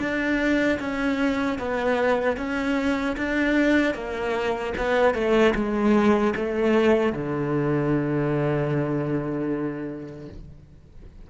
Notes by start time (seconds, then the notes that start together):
0.00 D4
0.80 C#4
1.59 B3
2.38 C#4
3.17 D4
3.95 A#3
4.78 B3
5.15 A3
5.55 G#3
6.36 A3
7.13 D3